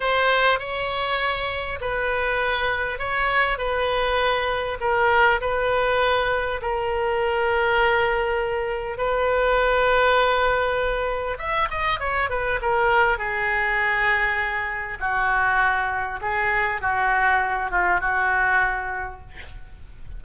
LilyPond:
\new Staff \with { instrumentName = "oboe" } { \time 4/4 \tempo 4 = 100 c''4 cis''2 b'4~ | b'4 cis''4 b'2 | ais'4 b'2 ais'4~ | ais'2. b'4~ |
b'2. e''8 dis''8 | cis''8 b'8 ais'4 gis'2~ | gis'4 fis'2 gis'4 | fis'4. f'8 fis'2 | }